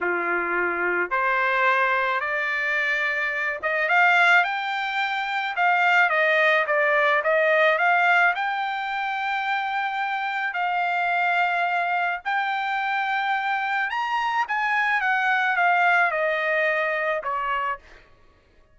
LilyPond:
\new Staff \with { instrumentName = "trumpet" } { \time 4/4 \tempo 4 = 108 f'2 c''2 | d''2~ d''8 dis''8 f''4 | g''2 f''4 dis''4 | d''4 dis''4 f''4 g''4~ |
g''2. f''4~ | f''2 g''2~ | g''4 ais''4 gis''4 fis''4 | f''4 dis''2 cis''4 | }